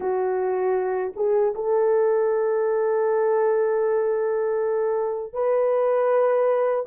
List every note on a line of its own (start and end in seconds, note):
0.00 1.13 F#4
1.16 1.54 G#4
1.54 5.33 A4
5.33 6.85 B4